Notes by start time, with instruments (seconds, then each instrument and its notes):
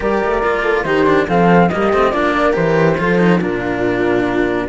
0.00 cello G3 G4, horn A#4, flute D5
0.24 cello A3
0.42 cello A#3 F4
0.62 horn A4
0.83 cello D#3 D#4, horn G4, flute C5
1.06 cello D4
1.27 cello F3 C4, horn A4, flute F5
1.69 cello G3 A#3, horn G4, flute D#5
1.92 cello A3 C4
2.11 cello A#3 D4, horn F4, flute D5
2.33 horn A#4
2.52 cello E3 G4, flute C5
2.98 cello F3 F4, horn A4
3.18 cello D#4
3.40 cello A#2 D4, horn F4, flute A#4